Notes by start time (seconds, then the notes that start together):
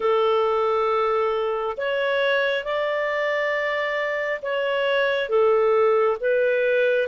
0.00 A4
1.76 C#5
2.64 D5
4.42 C#5
5.29 A4
6.20 B4